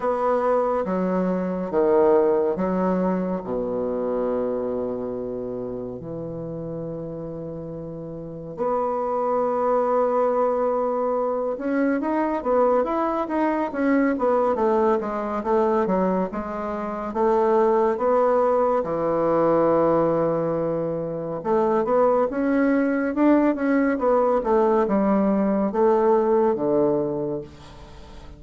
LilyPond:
\new Staff \with { instrumentName = "bassoon" } { \time 4/4 \tempo 4 = 70 b4 fis4 dis4 fis4 | b,2. e4~ | e2 b2~ | b4. cis'8 dis'8 b8 e'8 dis'8 |
cis'8 b8 a8 gis8 a8 fis8 gis4 | a4 b4 e2~ | e4 a8 b8 cis'4 d'8 cis'8 | b8 a8 g4 a4 d4 | }